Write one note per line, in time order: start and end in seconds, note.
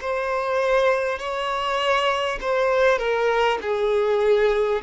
0.00 1.18 C5
1.18 2.38 C#5
2.40 2.98 C5
2.98 3.58 A#4
3.61 4.81 G#4